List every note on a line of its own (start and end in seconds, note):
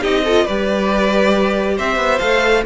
0.00 0.47 C4
0.00 0.24 D#4
0.00 0.22 G4
0.00 0.46 D#5
0.24 0.48 F4
0.24 0.44 A4
0.44 1.79 G3
0.44 2.20 G4
0.44 1.75 B4
0.44 1.77 D5
1.76 1.97 C4
1.76 2.64 C5
1.76 2.18 E5
1.97 2.18 B3
2.18 2.65 A3
2.18 2.63 A4
2.18 2.62 F5